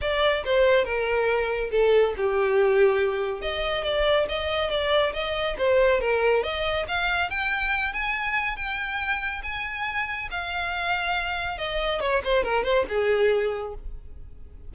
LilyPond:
\new Staff \with { instrumentName = "violin" } { \time 4/4 \tempo 4 = 140 d''4 c''4 ais'2 | a'4 g'2. | dis''4 d''4 dis''4 d''4 | dis''4 c''4 ais'4 dis''4 |
f''4 g''4. gis''4. | g''2 gis''2 | f''2. dis''4 | cis''8 c''8 ais'8 c''8 gis'2 | }